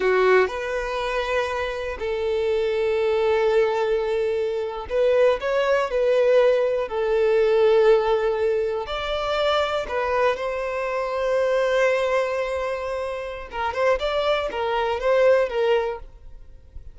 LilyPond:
\new Staff \with { instrumentName = "violin" } { \time 4/4 \tempo 4 = 120 fis'4 b'2. | a'1~ | a'4.~ a'16 b'4 cis''4 b'16~ | b'4.~ b'16 a'2~ a'16~ |
a'4.~ a'16 d''2 b'16~ | b'8. c''2.~ c''16~ | c''2. ais'8 c''8 | d''4 ais'4 c''4 ais'4 | }